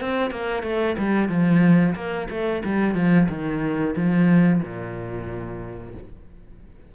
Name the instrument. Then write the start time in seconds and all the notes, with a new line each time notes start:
cello
0.00 C4
0.31 A#3
0.63 A3
0.98 G3
1.29 F3
1.95 A#3
2.30 A3
2.64 G3
2.95 F3
3.28 D#3
3.96 F3
4.62 A#2